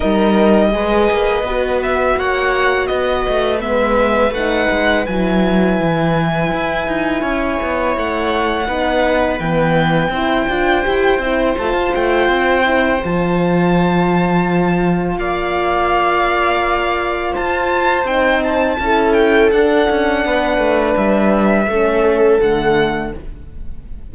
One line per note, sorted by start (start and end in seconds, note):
0.00 0.74 G3
0.00 0.71 D#4
0.00 0.69 A#4
0.00 1.80 D#5
0.71 1.10 G#3
0.71 1.43 G#4
0.71 2.19 B4
1.10 1.42 A#3
1.42 2.14 B3
1.42 3.60 F#4
1.83 2.19 E5
2.16 2.89 A#3
2.16 2.87 C#5
2.16 2.86 F#5
2.86 3.26 B3
2.86 7.21 B4
2.86 3.59 D#5
3.28 3.64 A3
3.60 4.30 G#3
3.60 4.32 B3
3.60 4.33 E5
4.30 4.66 A3
4.30 5.07 D#4
4.30 5.06 F#5
4.70 5.07 G#3
5.06 5.79 F#3
5.06 8.67 E4
5.06 7.95 G#5
5.79 6.51 E3
6.52 6.87 E4
6.87 7.22 D#4
7.21 7.58 C#4
7.21 8.66 C#5
7.62 7.96 B3
7.96 8.68 A3
7.96 9.39 F#5
8.67 9.39 B3
8.67 9.40 D#4
8.67 10.12 B4
9.39 10.08 E3
9.39 10.12 B3
9.39 11.56 G5
10.08 10.45 C4
10.08 10.48 E4
10.08 15.18 C5
10.48 10.85 D4
10.48 10.84 F4
10.84 11.18 E4
10.84 11.20 G4
11.18 11.55 C4
11.18 11.57 E4
11.57 11.73 A3
11.57 12.64 F4
11.57 11.93 A5
11.73 11.91 F4
11.95 12.27 A3
11.95 13.03 G5
12.27 13.00 C4
12.64 13.00 E4
13.03 15.17 F3
13.03 18.06 F4
13.03 15.17 A5
15.17 17.34 A#3
15.17 17.32 D5
15.17 17.34 F5
17.32 18.05 F4
17.32 18.76 C5
17.32 18.06 A5
18.05 18.77 C4
18.05 18.78 D#4
18.05 18.43 G5
18.43 19.13 A5
18.79 19.52 C#4
18.79 19.51 E4
18.79 20.25 A4
19.13 19.49 G5
19.51 21.68 D4
19.51 19.88 D4
19.51 20.96 F#5
19.90 20.25 C#4
20.25 20.58 B3
20.25 21.69 B4
20.58 20.94 A3
20.96 21.66 G3
20.96 22.40 E5
21.66 22.38 A3
21.66 22.41 C#4
21.66 23.14 A4
22.40 23.13 D3
22.40 23.15 A3
22.40 23.12 F#5